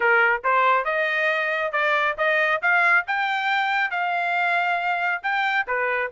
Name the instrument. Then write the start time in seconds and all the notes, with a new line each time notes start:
trumpet
0.00 A#4
0.44 C5
0.85 D#5
1.72 D5
2.17 D#5
2.61 F5
3.07 G5
3.91 F5
5.22 G5
5.67 B4